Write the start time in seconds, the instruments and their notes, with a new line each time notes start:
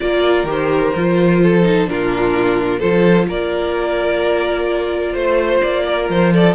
0.00 cello A#3, viola F4, violin A#4 D5
0.43 cello D#3, viola G4
0.50 violin C5
0.95 cello F3, viola F4
1.42 violin A4
1.62 viola D#4
1.86 cello A#2, viola D4, violin F4 A#4
2.79 cello F3, viola F4, violin A4 C5
3.28 cello A#3, violin A#4 D5
5.12 cello A3, violin C5
5.62 cello A#3, violin D5
5.86 violin A#4
6.09 cello F3, violin C5
6.33 violin A4 D5